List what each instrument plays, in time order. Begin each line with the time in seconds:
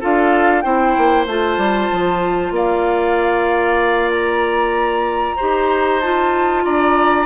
0.00 bassoon D4, clarinet F4, oboe A4, flute F5
0.61 bassoon C4, clarinet E4, oboe C5, flute G5
0.97 bassoon A#3
1.26 bassoon A3, clarinet F4, flute A5
1.57 bassoon G3
1.91 bassoon F3
2.51 bassoon A#3, oboe D5, flute F5
4.11 flute A#5
5.36 bassoon D#4, clarinet G4, oboe C5
6.00 clarinet F4, flute A5
6.64 bassoon D4, oboe D5, flute A#5